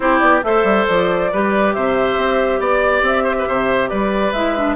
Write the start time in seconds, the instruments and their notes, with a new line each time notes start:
0.00 bassoon C4, clarinet E4, oboe G4, flute C5
0.19 bassoon B3, flute D5
0.43 bassoon A3, clarinet A4, oboe C5, flute E5
0.63 bassoon G3
0.87 bassoon F3, flute D5
1.31 bassoon G3, clarinet G4, oboe B4
1.73 bassoon C3, oboe C5, flute E5
2.16 bassoon C4
2.59 bassoon B3, oboe D5, flute D5
3.02 bassoon C4, flute E5
3.23 oboe C5
3.38 oboe B4
3.47 bassoon C3, oboe C5
3.88 bassoon G3, oboe B4, flute D5
4.32 bassoon G#3, clarinet E4, flute E5
4.57 clarinet D4